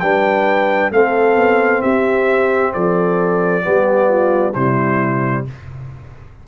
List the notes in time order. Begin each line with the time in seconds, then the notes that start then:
0.00 G3 D4 B4 G5
0.91 A3 C4 A4 F5
1.36 B3
1.82 C4 G4 E5
2.73 F3 A4 D5
3.62 G3 B3 G4
4.09 F4
4.53 C3 G3 E4 C5